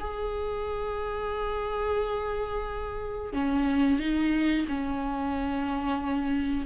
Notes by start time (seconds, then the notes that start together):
0.00 G#4
3.33 C#4
4.00 D#4
4.68 C#4